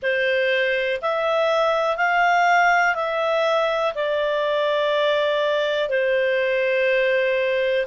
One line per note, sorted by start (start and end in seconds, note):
0.02 1.00 C5
1.01 1.96 E5
1.96 2.95 F5
2.95 3.93 E5
3.94 5.89 D5
5.89 7.86 C5